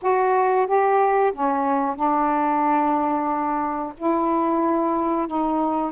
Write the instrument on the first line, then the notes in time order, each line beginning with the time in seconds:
saxophone
0.02 F#4
0.66 G4
1.32 C#4
1.95 D4
3.97 E4
5.27 D#4